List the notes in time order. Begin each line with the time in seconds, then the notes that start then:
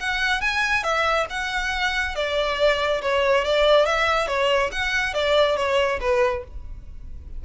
0.00 F#5
0.41 G#5
0.84 E5
1.30 F#5
2.16 D5
3.02 C#5
3.45 D5
3.86 E5
4.28 C#5
4.72 F#5
5.14 D5
5.57 C#5
6.01 B4